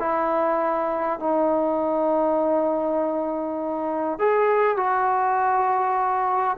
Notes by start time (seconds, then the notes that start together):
0.00 E4
1.20 D#4
4.19 G#4
4.77 F#4